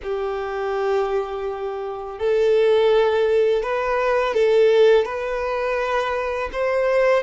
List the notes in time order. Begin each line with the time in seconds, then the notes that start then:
0.02 G4
2.19 A4
3.62 B4
4.34 A4
5.05 B4
6.52 C5